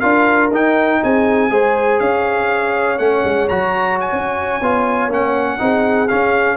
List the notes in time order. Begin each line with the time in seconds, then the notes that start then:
0.00 D4 F4 A#4 F5
0.51 D#4 G5
1.04 C4 G#4 G#5
1.50 G#3 G#4 C5
2.00 C#4 C#5 F5
2.99 A3 C#4 F#5
3.25 G#3
3.49 F#3 F#4 A#5
4.01 G#5
4.12 C#4
4.61 B3 F4
5.08 A#3 C#4 F#5
5.58 C4 D#4 G#4
6.08 C#4 F5